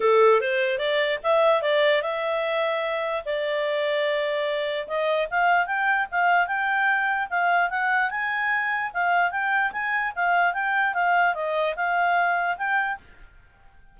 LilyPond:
\new Staff \with { instrumentName = "clarinet" } { \time 4/4 \tempo 4 = 148 a'4 c''4 d''4 e''4 | d''4 e''2. | d''1 | dis''4 f''4 g''4 f''4 |
g''2 f''4 fis''4 | gis''2 f''4 g''4 | gis''4 f''4 g''4 f''4 | dis''4 f''2 g''4 | }